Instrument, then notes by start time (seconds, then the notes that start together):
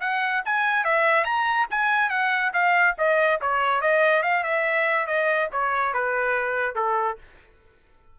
trumpet
0.00 F#5
0.45 G#5
0.84 E5
1.24 A#5
1.70 G#5
2.09 F#5
2.53 F5
2.98 D#5
3.41 C#5
3.81 D#5
4.23 F5
4.43 E5
5.06 D#5
5.52 C#5
5.93 B4
6.75 A4